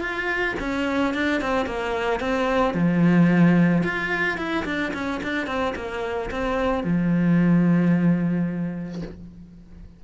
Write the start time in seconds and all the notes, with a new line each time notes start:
0.00 F4
0.60 C#4
1.14 D4
1.41 C4
1.66 A#3
2.20 C4
2.74 F3
3.84 F4
4.37 E4
4.65 D4
4.93 C#4
5.23 D4
5.47 C4
5.75 A#3
6.31 C4
6.84 F3